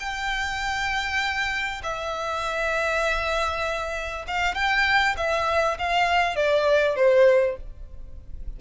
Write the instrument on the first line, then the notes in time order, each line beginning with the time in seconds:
violin
0.00 G5
1.83 E5
4.28 F5
4.55 G5
5.17 E5
5.79 F5
6.36 D5
6.96 C5